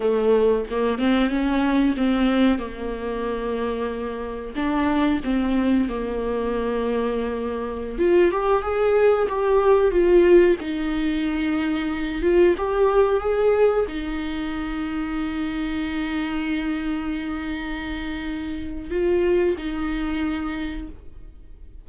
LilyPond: \new Staff \with { instrumentName = "viola" } { \time 4/4 \tempo 4 = 92 a4 ais8 c'8 cis'4 c'4 | ais2. d'4 | c'4 ais2.~ | ais16 f'8 g'8 gis'4 g'4 f'8.~ |
f'16 dis'2~ dis'8 f'8 g'8.~ | g'16 gis'4 dis'2~ dis'8.~ | dis'1~ | dis'4 f'4 dis'2 | }